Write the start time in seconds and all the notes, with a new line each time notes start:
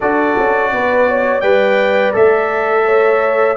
0.00 D4 F#4 A4 D5
0.38 C#4
0.72 B3 B4
1.08 C#5
1.39 G3 B4 D5 G5
2.13 A3 A4 E5
2.85 C#5